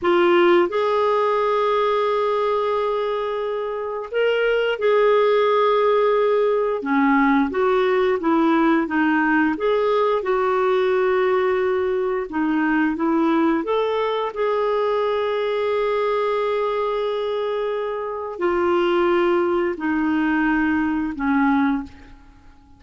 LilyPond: \new Staff \with { instrumentName = "clarinet" } { \time 4/4 \tempo 4 = 88 f'4 gis'2.~ | gis'2 ais'4 gis'4~ | gis'2 cis'4 fis'4 | e'4 dis'4 gis'4 fis'4~ |
fis'2 dis'4 e'4 | a'4 gis'2.~ | gis'2. f'4~ | f'4 dis'2 cis'4 | }